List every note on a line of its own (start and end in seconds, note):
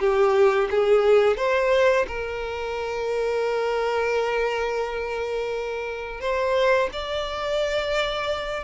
0.00 0.69 G4
0.71 1.37 G#4
1.37 2.06 C5
2.08 6.21 A#4
6.21 6.90 C5
6.93 8.64 D5